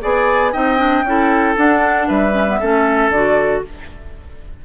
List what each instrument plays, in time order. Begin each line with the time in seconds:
0.00 bassoon B3, clarinet G#4, oboe D5, flute G#5
0.52 bassoon C4, clarinet D#4, oboe D#5, flute G5
0.77 clarinet D4
1.03 bassoon C#4, clarinet E4, oboe A4
1.56 clarinet D4, bassoon D4, flute F#5
2.07 bassoon G3, oboe B4, flute E5
2.31 clarinet C#4
2.47 clarinet B3
2.60 bassoon A3, clarinet C#4, oboe A4
3.09 bassoon D3, clarinet F#4, flute D5